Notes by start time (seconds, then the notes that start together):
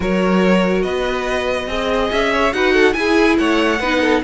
0.00 F#3 F#4 A#4 C#5
0.82 B3 B4 D#5
1.67 C4 G#4 D#5
2.11 C#4 E5
2.32 C#5
2.53 D#4 F#4 B4 F#5
2.73 A4
2.93 E4 G#4 G#5
3.38 A3 C#5 F#5
3.79 B3 D#4 B4
4.00 A4